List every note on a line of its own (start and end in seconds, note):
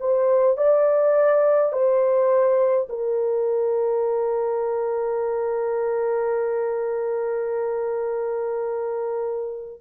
0.00 0.58 C5
0.58 1.73 D5
1.73 2.88 C5
2.90 9.81 A#4